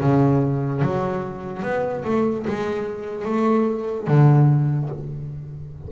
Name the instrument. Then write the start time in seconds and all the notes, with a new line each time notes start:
double bass
0.00 C#3
0.82 F#3
1.63 B3
2.04 A3
2.47 G#3
3.25 A3
4.07 D3